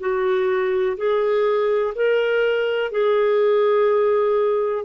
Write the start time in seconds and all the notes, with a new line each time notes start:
0.00 F#4
0.97 G#4
1.95 A#4
2.92 G#4